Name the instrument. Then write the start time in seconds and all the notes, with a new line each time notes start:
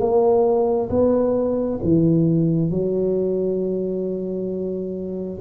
tuba
0.00 A#3
0.90 B3
1.83 E3
2.71 F#3